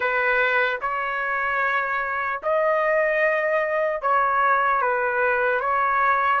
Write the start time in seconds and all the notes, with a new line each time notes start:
0.00 B4
0.81 C#5
2.42 D#5
4.01 C#5
4.81 B4
5.60 C#5